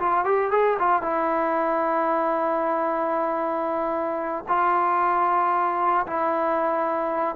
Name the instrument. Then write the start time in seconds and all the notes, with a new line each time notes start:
trombone
0.00 F4
0.25 G4
0.52 G#4
0.79 F4
1.03 E4
4.49 F4
6.07 E4